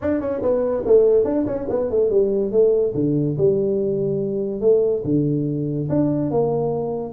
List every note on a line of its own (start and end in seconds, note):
0.01 0.20 D4
0.20 0.41 C#4
0.42 0.84 B3
0.85 1.24 A3
1.24 1.45 D4
1.46 1.67 C#4
1.69 1.90 B3
1.90 2.10 A3
2.10 2.51 G3
2.51 2.93 A3
2.94 3.36 D3
3.37 4.60 G3
4.60 5.02 A3
5.04 5.88 D3
5.89 6.31 D4
6.31 7.13 A#3